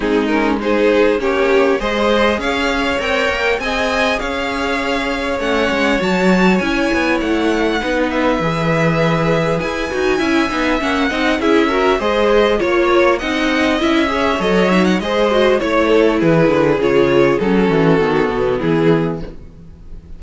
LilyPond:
<<
  \new Staff \with { instrumentName = "violin" } { \time 4/4 \tempo 4 = 100 gis'8 ais'8 c''4 cis''4 dis''4 | f''4 g''4 gis''4 f''4~ | f''4 fis''4 a''4 gis''4 | fis''4. e''2~ e''8 |
gis''2 fis''4 e''4 | dis''4 cis''4 fis''4 e''4 | dis''8 e''16 fis''16 dis''4 cis''4 b'4 | cis''4 a'2 gis'4 | }
  \new Staff \with { instrumentName = "violin" } { \time 4/4 dis'4 gis'4 g'4 c''4 | cis''2 dis''4 cis''4~ | cis''1~ | cis''4 b'2.~ |
b'4 e''4. dis''8 gis'8 ais'8 | c''4 cis''4 dis''4. cis''8~ | cis''4 c''4 cis''8 a'8 gis'4~ | gis'4. fis'4. e'4 | }
  \new Staff \with { instrumentName = "viola" } { \time 4/4 c'8 cis'8 dis'4 cis'4 gis'4~ | gis'4 ais'4 gis'2~ | gis'4 cis'4 fis'4 e'4~ | e'4 dis'4 gis'2~ |
gis'8 fis'8 e'8 dis'8 cis'8 dis'8 e'8 fis'8 | gis'4 f'4 dis'4 e'8 gis'8 | a'8 dis'8 gis'8 fis'8 e'2 | f'4 cis'4 b2 | }
  \new Staff \with { instrumentName = "cello" } { \time 4/4 gis2 ais4 gis4 | cis'4 c'8 ais8 c'4 cis'4~ | cis'4 a8 gis8 fis4 cis'8 b8 | a4 b4 e2 |
e'8 dis'8 cis'8 b8 ais8 c'8 cis'4 | gis4 ais4 c'4 cis'4 | fis4 gis4 a4 e8 d8 | cis4 fis8 e8 dis8 b,8 e4 | }
>>